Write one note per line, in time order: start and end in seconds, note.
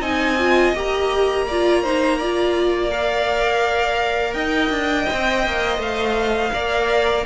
0.00 0.72 C4
0.00 0.37 D#4
0.00 1.45 D#5
0.00 0.74 G#5
0.39 0.75 F4
0.73 4.34 A#3
0.73 1.47 G4
0.73 2.91 A#5
1.47 1.85 F4
1.47 1.82 D5
1.82 2.21 D#4
1.82 2.18 C5
2.18 2.91 F4
2.18 4.35 D5
2.91 5.08 A#4
2.91 4.33 F5
4.33 4.70 D#4
4.33 6.52 D#5
4.33 5.78 G5
4.70 5.06 D4
5.08 5.46 C4
5.08 6.52 C5
5.46 5.78 A#3
5.78 6.50 A3
5.78 7.26 F5
6.53 7.26 A#3
6.53 7.26 A#4
6.53 7.25 D5